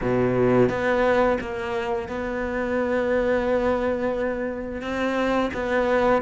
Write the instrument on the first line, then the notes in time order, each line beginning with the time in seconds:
cello
0.01 B2
0.69 B3
1.40 A#3
2.08 B3
4.81 C4
5.53 B3